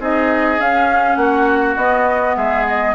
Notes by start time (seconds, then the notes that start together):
0.00 C4 D#4 G#4 D#5
0.59 C#4 F5
1.16 A#3 F#4 F#5
1.77 B3 D#5
2.37 G#3 G#4 E5
2.68 D#5